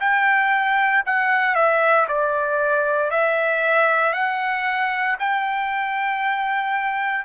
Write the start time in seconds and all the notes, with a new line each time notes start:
0.00 G5
1.06 F#5
1.55 E5
2.08 D5
3.10 E5
4.13 F#5
5.19 G5